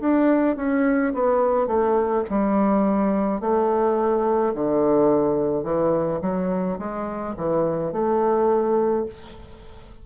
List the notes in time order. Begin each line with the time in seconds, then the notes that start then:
0.00 D4
0.56 C#4
1.13 B3
1.67 A3
2.30 G3
3.40 A3
4.54 D3
5.63 E3
6.21 F#3
6.78 G#3
7.36 E3
7.92 A3